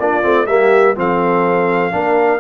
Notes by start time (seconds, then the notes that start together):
0.00 A#3 D4 F4 D5
0.23 A3 C4
0.47 G3 A#3 G4 E5
0.96 F3 C4 A4 F5
1.92 A#3 D4 A#4